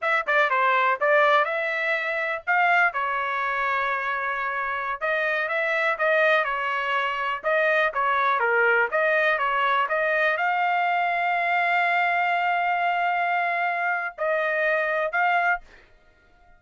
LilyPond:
\new Staff \with { instrumentName = "trumpet" } { \time 4/4 \tempo 4 = 123 e''8 d''8 c''4 d''4 e''4~ | e''4 f''4 cis''2~ | cis''2~ cis''16 dis''4 e''8.~ | e''16 dis''4 cis''2 dis''8.~ |
dis''16 cis''4 ais'4 dis''4 cis''8.~ | cis''16 dis''4 f''2~ f''8.~ | f''1~ | f''4 dis''2 f''4 | }